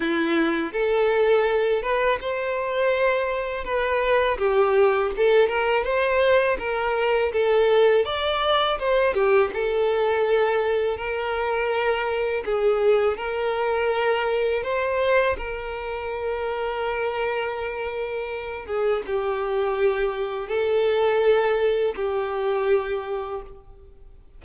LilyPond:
\new Staff \with { instrumentName = "violin" } { \time 4/4 \tempo 4 = 82 e'4 a'4. b'8 c''4~ | c''4 b'4 g'4 a'8 ais'8 | c''4 ais'4 a'4 d''4 | c''8 g'8 a'2 ais'4~ |
ais'4 gis'4 ais'2 | c''4 ais'2.~ | ais'4. gis'8 g'2 | a'2 g'2 | }